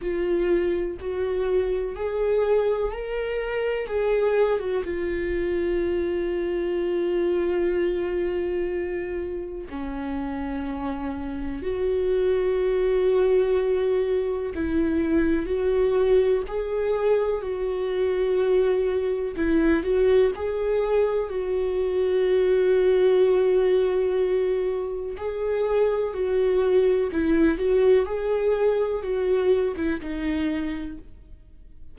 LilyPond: \new Staff \with { instrumentName = "viola" } { \time 4/4 \tempo 4 = 62 f'4 fis'4 gis'4 ais'4 | gis'8. fis'16 f'2.~ | f'2 cis'2 | fis'2. e'4 |
fis'4 gis'4 fis'2 | e'8 fis'8 gis'4 fis'2~ | fis'2 gis'4 fis'4 | e'8 fis'8 gis'4 fis'8. e'16 dis'4 | }